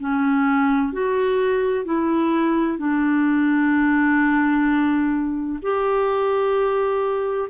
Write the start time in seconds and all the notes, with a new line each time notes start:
0.00 C#4
0.92 F#4
1.85 E4
2.78 D4
5.62 G4